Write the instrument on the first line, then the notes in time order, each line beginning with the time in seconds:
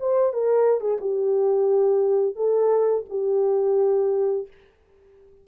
horn
0.00 C5
0.33 A#4
0.81 G#4
1.01 G4
2.36 A4
3.10 G4